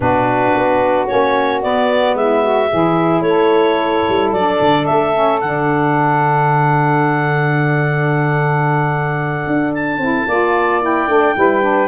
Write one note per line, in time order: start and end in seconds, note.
0.00 0.52 B2
0.00 1.06 D4
0.00 2.16 F#4
0.00 1.07 B4
0.54 1.08 B3
1.07 1.64 A#3
1.07 1.61 C#4
1.07 1.61 C#5
1.61 2.69 B3
1.61 2.14 B3
1.61 2.15 D5
2.14 2.68 G#3
2.14 2.43 E4
2.14 3.21 E5
2.43 2.69 F#4
2.69 3.21 E3
2.69 4.35 E4
2.69 3.23 G#4
3.21 4.02 A3
3.21 4.29 C#5
3.28 10.27 A4
4.08 4.32 G3
4.32 4.59 F#3
4.32 5.13 D4
4.32 4.85 D5
4.61 4.88 D3
4.85 5.42 A3
4.85 5.39 E5
5.13 5.40 C#4
5.40 9.47 D3
5.40 10.00 D4
5.40 9.72 F#5
9.47 9.97 D4
9.74 10.82 A5
9.97 10.24 C4
9.97 10.27 E4
10.27 11.07 A#3
10.27 10.81 F4
10.27 11.35 D5
10.81 11.08 E4
10.81 11.88 G5
11.07 11.34 A3
11.07 11.35 D4
11.35 11.88 G3
11.35 11.61 E4
11.35 11.88 B4
11.61 11.88 D4